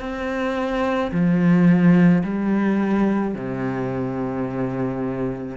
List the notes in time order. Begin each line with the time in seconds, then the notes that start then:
0.00 C4
1.12 F3
2.24 G3
3.35 C3